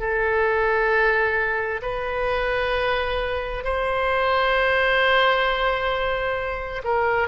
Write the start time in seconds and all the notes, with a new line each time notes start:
0.00 A4
1.83 B4
3.64 C5
6.84 A#4